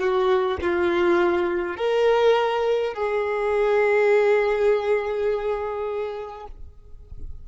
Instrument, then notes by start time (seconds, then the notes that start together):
violin
0.00 F#4
0.62 F4
1.77 A#4
2.94 G#4